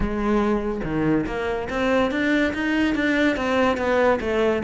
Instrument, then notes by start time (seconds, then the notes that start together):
cello
0.00 G#3
0.83 D#3
1.26 A#3
1.69 C4
2.11 D4
2.53 D#4
2.95 D4
3.36 C4
3.77 B3
4.20 A3